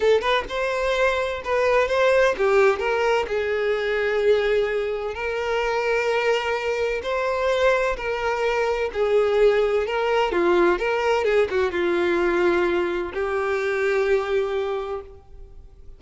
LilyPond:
\new Staff \with { instrumentName = "violin" } { \time 4/4 \tempo 4 = 128 a'8 b'8 c''2 b'4 | c''4 g'4 ais'4 gis'4~ | gis'2. ais'4~ | ais'2. c''4~ |
c''4 ais'2 gis'4~ | gis'4 ais'4 f'4 ais'4 | gis'8 fis'8 f'2. | g'1 | }